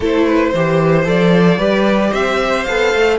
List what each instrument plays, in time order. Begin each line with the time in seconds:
0.00 cello A3, viola E4, violin A4 C5
0.26 violin B4
0.53 cello E3, viola G4, violin C5
1.04 cello F3, viola A4, violin D5
1.58 cello G3, viola G4, violin B4
2.11 cello C4, violin C5 E5
2.64 cello B3, viola A4, violin F5
2.94 cello A3